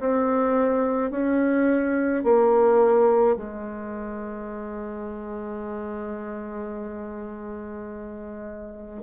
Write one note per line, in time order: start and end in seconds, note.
0.00 1.11 C4
1.11 2.24 C#4
2.24 3.37 A#3
3.37 9.03 G#3